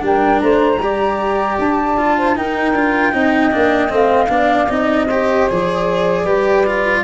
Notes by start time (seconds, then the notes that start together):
0.00 G3 D4 A#4
0.06 G5
0.40 A3 C5 A#5
0.79 G3 G4 D5
1.59 D4 A5
1.98 F4
2.18 C5
2.36 D#4 A#4 G5
2.73 D4 F4
3.13 C4 D#4 D#5
3.52 A#3 D4
3.89 A3 C4 F5
4.29 B3 D4 D5
4.69 C4 D#4 D#5
5.06 G4 C5
5.50 F3 G#4 D5
6.24 G3 G4 B4
6.67 F4